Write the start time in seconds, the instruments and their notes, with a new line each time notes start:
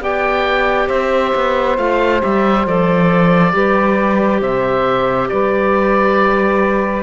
0.00 cello B3, clarinet G4, saxophone D5, oboe G5
0.87 cello C4, saxophone C5, oboe E5
1.35 cello B3
1.77 cello A3, clarinet F4, oboe F5
2.20 cello G3, clarinet G4, oboe E5
2.66 cello F3, clarinet A4, oboe D5
3.52 cello G3, clarinet G4, saxophone B4
4.40 cello C3, saxophone C5, oboe E5
5.28 cello G3, saxophone B4, oboe D5